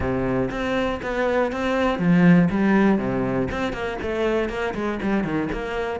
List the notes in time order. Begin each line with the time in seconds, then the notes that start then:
0.00 C3
0.50 C4
1.02 B3
1.52 C4
1.98 F3
2.50 G3
2.98 C3
3.51 C4
3.72 A#3
4.01 A3
4.49 A#3
4.74 G#3
5.02 G3
5.23 D#3
5.52 A#3